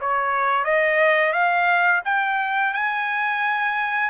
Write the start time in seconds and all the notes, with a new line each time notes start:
0.00 C#5
0.64 D#5
1.32 F5
2.04 G5
2.73 G#5